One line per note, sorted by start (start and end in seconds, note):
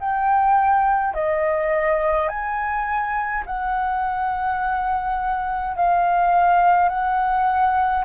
0.00 1.14 G5
1.14 2.29 D#5
2.29 3.44 G#5
3.46 5.76 F#5
5.76 6.89 F5
6.89 8.05 F#5